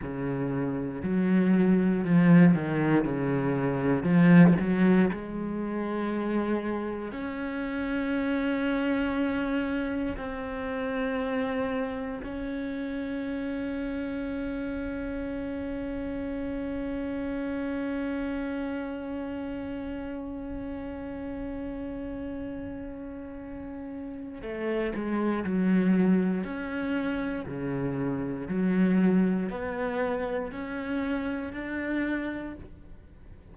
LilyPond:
\new Staff \with { instrumentName = "cello" } { \time 4/4 \tempo 4 = 59 cis4 fis4 f8 dis8 cis4 | f8 fis8 gis2 cis'4~ | cis'2 c'2 | cis'1~ |
cis'1~ | cis'1 | a8 gis8 fis4 cis'4 cis4 | fis4 b4 cis'4 d'4 | }